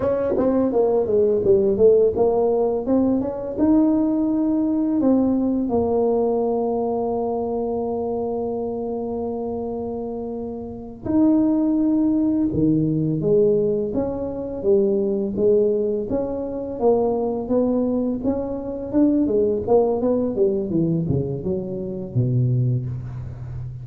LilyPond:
\new Staff \with { instrumentName = "tuba" } { \time 4/4 \tempo 4 = 84 cis'8 c'8 ais8 gis8 g8 a8 ais4 | c'8 cis'8 dis'2 c'4 | ais1~ | ais2.~ ais8 dis'8~ |
dis'4. dis4 gis4 cis'8~ | cis'8 g4 gis4 cis'4 ais8~ | ais8 b4 cis'4 d'8 gis8 ais8 | b8 g8 e8 cis8 fis4 b,4 | }